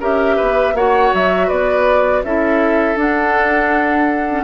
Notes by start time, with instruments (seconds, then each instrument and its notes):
0.00 bassoon C#4, clarinet G4, oboe A#4, flute E5
0.36 bassoon B3, oboe B4
0.74 bassoon A#3, clarinet F#4, oboe C#5, flute F#5
1.13 bassoon F#3, flute E5
1.47 bassoon B3, oboe B4, flute D5
2.23 bassoon C#4, clarinet E4, oboe A4, flute E5
2.96 bassoon D4, clarinet D4, flute F#5
4.29 clarinet C#4